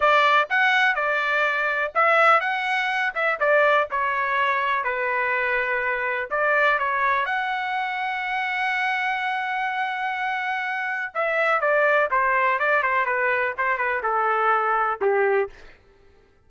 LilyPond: \new Staff \with { instrumentName = "trumpet" } { \time 4/4 \tempo 4 = 124 d''4 fis''4 d''2 | e''4 fis''4. e''8 d''4 | cis''2 b'2~ | b'4 d''4 cis''4 fis''4~ |
fis''1~ | fis''2. e''4 | d''4 c''4 d''8 c''8 b'4 | c''8 b'8 a'2 g'4 | }